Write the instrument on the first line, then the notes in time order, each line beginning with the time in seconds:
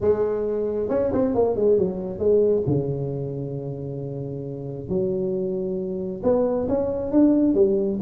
tuba
0.00 G#3
0.89 C#4
1.12 C4
1.35 A#3
1.56 G#3
1.78 F#3
2.18 G#3
2.66 C#3
4.88 F#3
6.23 B3
6.68 C#4
7.11 D4
7.54 G3